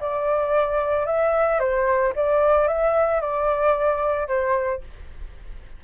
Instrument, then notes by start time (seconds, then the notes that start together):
flute
0.00 D5
1.06 E5
1.59 C5
2.16 D5
2.67 E5
3.20 D5
4.27 C5